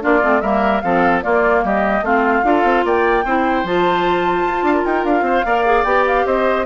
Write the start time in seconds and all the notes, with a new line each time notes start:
0.00 A#3 D4 F4 D5
0.21 A3 C4
0.41 G3 A#3 A#4 E5
0.81 F3 C4 A4 F5
1.21 A#3 F4 D5
1.64 G3 G4 D#5
2.01 A3 C4 F4 F5
2.43 D4 F4 A4
2.63 C4
2.84 A#3 D5 G5
3.24 C4 E4 C5
3.63 F3 F4 A5
4.45 F4
4.63 D4 F5
4.73 A#4
4.85 D#4 G5
5.04 D4 F5
5.21 C4 C5
5.45 A#3 A#4 D5
5.65 G#4
5.84 B3 G4 G5
6.06 F5
6.26 C4 C5 D#5